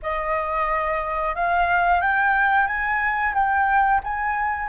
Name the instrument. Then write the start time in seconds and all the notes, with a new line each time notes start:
flute
0.02 D#5
1.35 F5
2.01 G5
2.67 G#5
3.34 G5
4.03 G#5